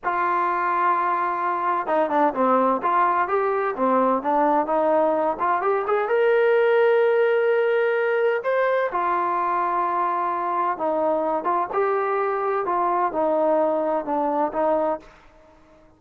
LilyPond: \new Staff \with { instrumentName = "trombone" } { \time 4/4 \tempo 4 = 128 f'1 | dis'8 d'8 c'4 f'4 g'4 | c'4 d'4 dis'4. f'8 | g'8 gis'8 ais'2.~ |
ais'2 c''4 f'4~ | f'2. dis'4~ | dis'8 f'8 g'2 f'4 | dis'2 d'4 dis'4 | }